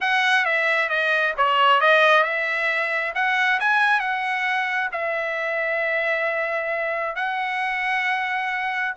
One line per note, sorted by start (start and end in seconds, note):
0.00 0.45 F#5
0.45 0.89 E5
0.89 1.34 D#5
1.37 1.81 C#5
1.81 2.23 D#5
2.23 3.13 E5
3.14 3.59 F#5
3.60 4.00 G#5
4.00 4.89 F#5
4.92 7.15 E5
7.15 8.94 F#5